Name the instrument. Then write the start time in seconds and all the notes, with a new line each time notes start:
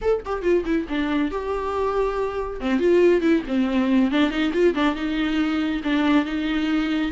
viola
0.01 A4
0.25 G4
0.42 F4
0.65 E4
0.88 D4
1.31 G4
2.60 C4
2.79 F4
3.21 E4
3.47 C4
4.11 D4
4.30 D#4
4.53 F4
4.74 D4
4.95 D#4
5.83 D4
6.25 D#4